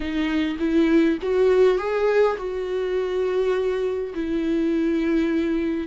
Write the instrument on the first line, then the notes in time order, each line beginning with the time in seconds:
viola
0.00 D#4
0.59 E4
1.21 F#4
1.78 G#4
2.37 F#4
4.14 E4